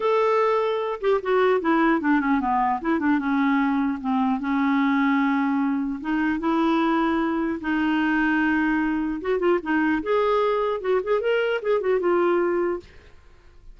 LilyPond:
\new Staff \with { instrumentName = "clarinet" } { \time 4/4 \tempo 4 = 150 a'2~ a'8 g'8 fis'4 | e'4 d'8 cis'8 b4 e'8 d'8 | cis'2 c'4 cis'4~ | cis'2. dis'4 |
e'2. dis'4~ | dis'2. fis'8 f'8 | dis'4 gis'2 fis'8 gis'8 | ais'4 gis'8 fis'8 f'2 | }